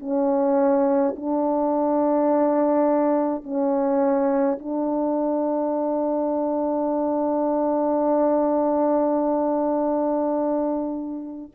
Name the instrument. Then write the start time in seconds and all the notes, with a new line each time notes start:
horn
0.00 C#4
1.17 D4
3.44 C#4
4.59 D4